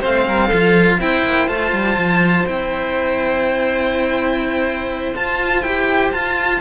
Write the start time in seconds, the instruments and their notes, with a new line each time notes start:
0.00 cello A3 C4, violin C5 F5
0.28 cello G3, violin A#4
0.47 cello F3 F4, violin A4
0.99 cello C4 E4, violin C5 G5
1.24 cello A#3
1.48 cello A3 F4, violin A5
1.72 cello G3
1.97 cello F3
2.46 cello C4 E4, violin G5
5.15 cello F4, violin A5
5.61 cello E4 G4, violin G5
6.12 cello F4, violin A5